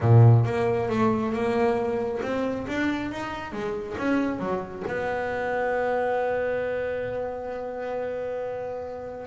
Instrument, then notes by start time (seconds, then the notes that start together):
double bass
0.00 A#2
0.45 A#3
0.89 A3
1.32 A#3
2.22 C4
2.67 D4
3.11 D#4
3.52 G#3
3.98 C#4
4.39 F#3
4.87 B3